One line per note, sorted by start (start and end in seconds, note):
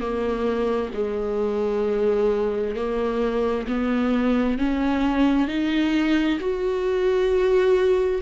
0.00 0.91 A#3
0.94 2.76 G#3
2.76 3.67 A#3
3.67 4.58 B3
4.58 5.48 C#4
5.48 6.39 D#4
6.39 8.21 F#4